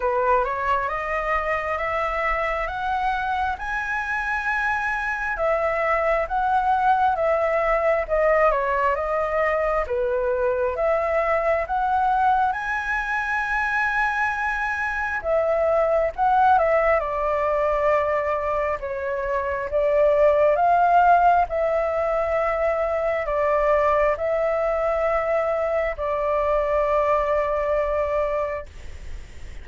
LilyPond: \new Staff \with { instrumentName = "flute" } { \time 4/4 \tempo 4 = 67 b'8 cis''8 dis''4 e''4 fis''4 | gis''2 e''4 fis''4 | e''4 dis''8 cis''8 dis''4 b'4 | e''4 fis''4 gis''2~ |
gis''4 e''4 fis''8 e''8 d''4~ | d''4 cis''4 d''4 f''4 | e''2 d''4 e''4~ | e''4 d''2. | }